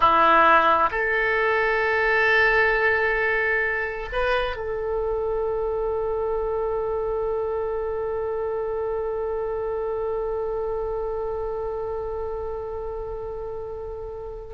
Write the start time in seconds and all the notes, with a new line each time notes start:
0.00 E4
0.91 A4
4.12 B4
4.56 A4